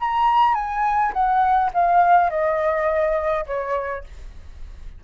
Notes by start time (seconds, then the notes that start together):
0.00 A#5
0.54 G#5
1.13 F#5
1.73 F5
2.29 D#5
3.46 C#5